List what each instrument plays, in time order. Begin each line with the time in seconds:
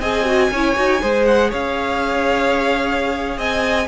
0.00 cello C4, viola G#4, violin D#5 G#5
0.26 viola F#4
0.51 cello C#4, viola E4, violin C#5
0.76 cello D#4, viola F#4
1.02 cello G#3, viola G#4, violin C5
1.25 violin F#5
1.50 cello C#4, violin C#5 F5
3.38 cello C4, violin D#5 G#5